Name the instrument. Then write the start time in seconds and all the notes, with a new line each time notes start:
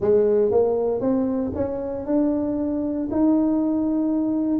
tuba
0.00 G#3
0.51 A#3
1.00 C4
1.55 C#4
2.06 D4
3.11 D#4